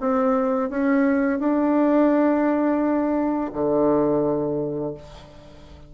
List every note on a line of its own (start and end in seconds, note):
0.00 0.70 C4
0.70 1.39 C#4
1.39 3.51 D4
3.53 4.94 D3